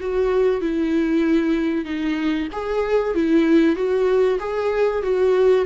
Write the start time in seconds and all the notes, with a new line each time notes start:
0.00 F#4
0.61 E4
1.85 D#4
2.52 G#4
3.14 E4
3.76 F#4
4.39 G#4
5.02 F#4